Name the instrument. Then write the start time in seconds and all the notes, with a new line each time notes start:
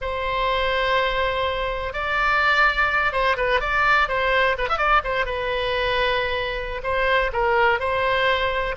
oboe
0.01 C5
1.93 D5
3.12 C5
3.36 B4
3.60 D5
4.08 C5
4.58 B4
4.68 E5
4.78 D5
5.04 C5
5.25 B4
6.83 C5
7.32 A#4
7.79 C5